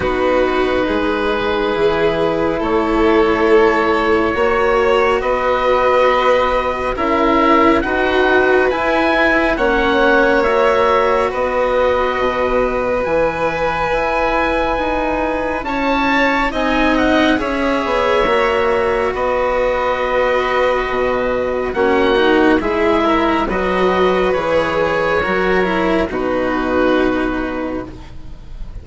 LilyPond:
<<
  \new Staff \with { instrumentName = "oboe" } { \time 4/4 \tempo 4 = 69 b'2. cis''4~ | cis''2 dis''2 | e''4 fis''4 gis''4 fis''4 | e''4 dis''2 gis''4~ |
gis''2 a''4 gis''8 fis''8 | e''2 dis''2~ | dis''4 fis''4 e''4 dis''4 | cis''2 b'2 | }
  \new Staff \with { instrumentName = "violin" } { \time 4/4 fis'4 gis'2 a'4~ | a'4 cis''4 b'2 | ais'4 b'2 cis''4~ | cis''4 b'2.~ |
b'2 cis''4 dis''4 | cis''2 b'2~ | b'4 fis'4 gis'8 ais'8 b'4~ | b'4 ais'4 fis'2 | }
  \new Staff \with { instrumentName = "cello" } { \time 4/4 dis'2 e'2~ | e'4 fis'2. | e'4 fis'4 e'4 cis'4 | fis'2. e'4~ |
e'2. dis'4 | gis'4 fis'2.~ | fis'4 cis'8 dis'8 e'4 fis'4 | gis'4 fis'8 e'8 dis'2 | }
  \new Staff \with { instrumentName = "bassoon" } { \time 4/4 b4 gis4 e4 a4~ | a4 ais4 b2 | cis'4 dis'4 e'4 ais4~ | ais4 b4 b,4 e4 |
e'4 dis'4 cis'4 c'4 | cis'8 b8 ais4 b2 | b,4 ais4 gis4 fis4 | e4 fis4 b,2 | }
>>